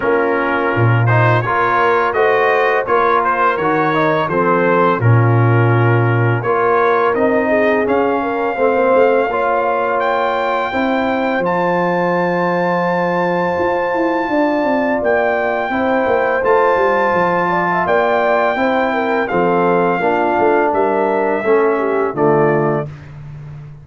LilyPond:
<<
  \new Staff \with { instrumentName = "trumpet" } { \time 4/4 \tempo 4 = 84 ais'4. c''8 cis''4 dis''4 | cis''8 c''8 cis''4 c''4 ais'4~ | ais'4 cis''4 dis''4 f''4~ | f''2 g''2 |
a''1~ | a''4 g''2 a''4~ | a''4 g''2 f''4~ | f''4 e''2 d''4 | }
  \new Staff \with { instrumentName = "horn" } { \time 4/4 f'2 ais'4 c''4 | ais'2 a'4 f'4~ | f'4 ais'4. gis'4 ais'8 | c''4 cis''2 c''4~ |
c''1 | d''2 c''2~ | c''8 d''16 e''16 d''4 c''8 ais'8 a'4 | f'4 ais'4 a'8 g'8 f'4 | }
  \new Staff \with { instrumentName = "trombone" } { \time 4/4 cis'4. dis'8 f'4 fis'4 | f'4 fis'8 dis'8 c'4 cis'4~ | cis'4 f'4 dis'4 cis'4 | c'4 f'2 e'4 |
f'1~ | f'2 e'4 f'4~ | f'2 e'4 c'4 | d'2 cis'4 a4 | }
  \new Staff \with { instrumentName = "tuba" } { \time 4/4 ais4 ais,4 ais4 a4 | ais4 dis4 f4 ais,4~ | ais,4 ais4 c'4 cis'4 | a16 ais16 a8 ais2 c'4 |
f2. f'8 e'8 | d'8 c'8 ais4 c'8 ais8 a8 g8 | f4 ais4 c'4 f4 | ais8 a8 g4 a4 d4 | }
>>